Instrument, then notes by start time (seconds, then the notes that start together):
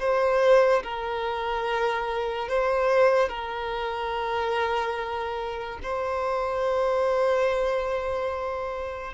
violin
0.00 C5
0.84 A#4
2.49 C5
3.29 A#4
5.83 C5